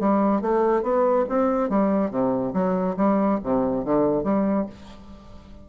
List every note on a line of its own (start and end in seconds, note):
0.00 0.42 G3
0.42 0.83 A3
0.83 1.25 B3
1.29 1.70 C4
1.70 2.11 G3
2.11 2.53 C3
2.54 2.96 F#3
2.97 3.40 G3
3.44 3.85 C3
3.85 4.24 D3
4.24 4.66 G3